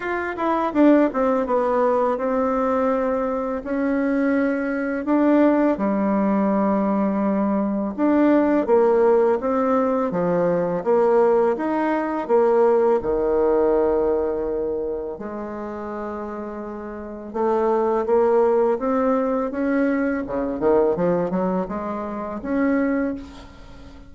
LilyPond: \new Staff \with { instrumentName = "bassoon" } { \time 4/4 \tempo 4 = 83 f'8 e'8 d'8 c'8 b4 c'4~ | c'4 cis'2 d'4 | g2. d'4 | ais4 c'4 f4 ais4 |
dis'4 ais4 dis2~ | dis4 gis2. | a4 ais4 c'4 cis'4 | cis8 dis8 f8 fis8 gis4 cis'4 | }